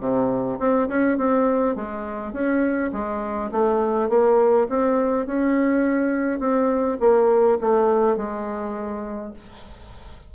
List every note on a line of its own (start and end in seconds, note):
0.00 0.58 C3
0.59 0.88 C4
0.88 1.18 C#4
1.18 1.76 C4
1.76 2.33 G#3
2.33 2.91 C#4
2.92 3.51 G#3
3.51 4.09 A3
4.09 4.67 A#3
4.69 5.26 C4
5.26 6.39 C#4
6.39 6.98 C4
7.00 7.58 A#3
7.60 8.17 A3
8.17 9.33 G#3